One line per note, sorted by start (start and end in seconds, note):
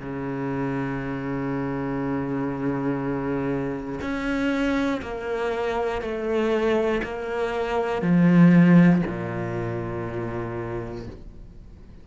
0.00 4.00 C#3
4.02 5.02 C#4
5.03 6.02 A#3
6.02 7.02 A3
7.04 8.02 A#3
8.02 9.02 F3
9.08 11.08 A#2